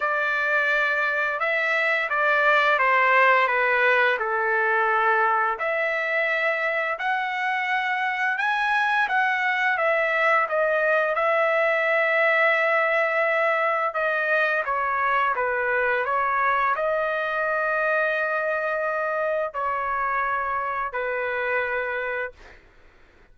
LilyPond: \new Staff \with { instrumentName = "trumpet" } { \time 4/4 \tempo 4 = 86 d''2 e''4 d''4 | c''4 b'4 a'2 | e''2 fis''2 | gis''4 fis''4 e''4 dis''4 |
e''1 | dis''4 cis''4 b'4 cis''4 | dis''1 | cis''2 b'2 | }